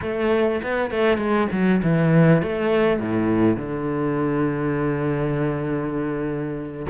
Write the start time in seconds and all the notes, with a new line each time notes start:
0.01 A3
0.62 B3
0.90 A3
1.17 G#3
1.51 F#3
1.82 E3
2.42 A3
2.99 A2
3.56 D3